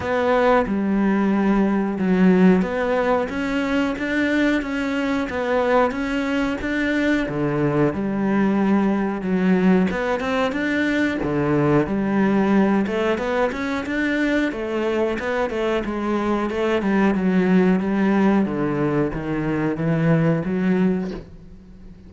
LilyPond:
\new Staff \with { instrumentName = "cello" } { \time 4/4 \tempo 4 = 91 b4 g2 fis4 | b4 cis'4 d'4 cis'4 | b4 cis'4 d'4 d4 | g2 fis4 b8 c'8 |
d'4 d4 g4. a8 | b8 cis'8 d'4 a4 b8 a8 | gis4 a8 g8 fis4 g4 | d4 dis4 e4 fis4 | }